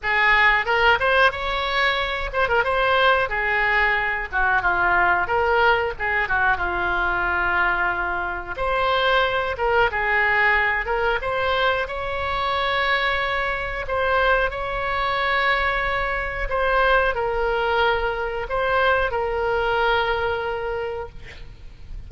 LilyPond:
\new Staff \with { instrumentName = "oboe" } { \time 4/4 \tempo 4 = 91 gis'4 ais'8 c''8 cis''4. c''16 ais'16 | c''4 gis'4. fis'8 f'4 | ais'4 gis'8 fis'8 f'2~ | f'4 c''4. ais'8 gis'4~ |
gis'8 ais'8 c''4 cis''2~ | cis''4 c''4 cis''2~ | cis''4 c''4 ais'2 | c''4 ais'2. | }